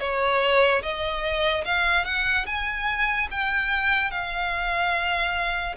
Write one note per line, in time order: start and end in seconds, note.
0.00 0.82 C#5
0.82 1.64 D#5
1.65 2.05 F5
2.05 2.46 F#5
2.46 3.28 G#5
3.31 4.11 G5
4.11 5.75 F5